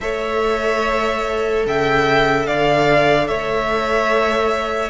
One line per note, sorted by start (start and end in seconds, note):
0.01 1.65 A3
0.01 4.89 A4
0.01 1.65 C#5
0.01 1.65 E5
1.65 2.47 C#3
1.65 2.47 E5
1.65 2.46 G5
2.46 3.29 D3
2.46 3.28 D5
2.46 3.27 F5
3.27 4.89 A3
3.27 4.89 C#5
3.27 4.89 E5